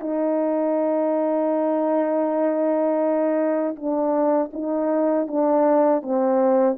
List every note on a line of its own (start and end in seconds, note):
0.00 3.75 D#4
3.75 4.50 D4
4.53 5.27 D#4
5.27 6.02 D4
6.02 6.77 C4